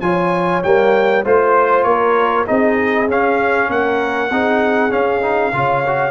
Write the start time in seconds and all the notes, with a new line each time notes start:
0.00 F3 F4 C#5 G#5
0.63 G3 A#3 G5
1.24 A3 F4 C5
1.83 A#3 A#4 C#5
2.46 C4 D#4 G#4 D#5
3.08 C#4 F5
3.69 A#3 A#4 F#5
4.30 C4 D#4 G#4
4.90 C#4 F5
5.21 D#4
5.53 C#3 F4 C#5
5.86 F#4